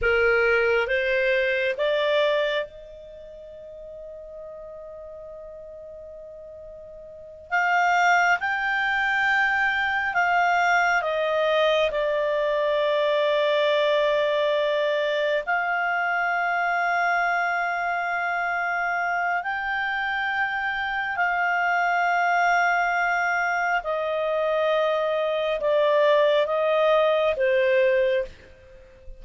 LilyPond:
\new Staff \with { instrumentName = "clarinet" } { \time 4/4 \tempo 4 = 68 ais'4 c''4 d''4 dis''4~ | dis''1~ | dis''8 f''4 g''2 f''8~ | f''8 dis''4 d''2~ d''8~ |
d''4. f''2~ f''8~ | f''2 g''2 | f''2. dis''4~ | dis''4 d''4 dis''4 c''4 | }